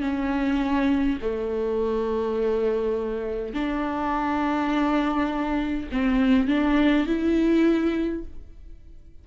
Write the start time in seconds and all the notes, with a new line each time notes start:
0.00 C#4
1.21 A3
3.53 D4
5.91 C4
6.48 D4
7.06 E4